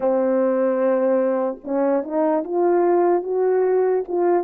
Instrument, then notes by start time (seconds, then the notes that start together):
horn
0.00 C4
1.64 C#4
2.03 D#4
2.43 F4
3.22 F#4
4.08 F4